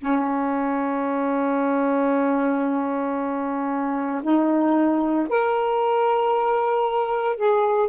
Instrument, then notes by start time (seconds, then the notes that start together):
saxophone
0.00 C#4
4.23 D#4
5.29 A#4
7.36 G#4